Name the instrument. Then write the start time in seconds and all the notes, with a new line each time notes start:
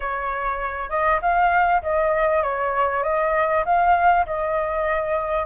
flute
0.00 C#5
0.89 D#5
1.21 F5
1.82 D#5
2.42 C#5
3.03 D#5
3.65 F5
4.26 D#5